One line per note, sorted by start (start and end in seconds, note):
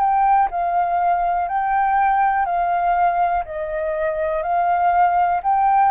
0.00 0.49 G5
0.51 1.48 F5
1.48 2.46 G5
2.46 3.44 F5
3.45 4.43 D#5
4.43 5.41 F5
5.43 5.92 G5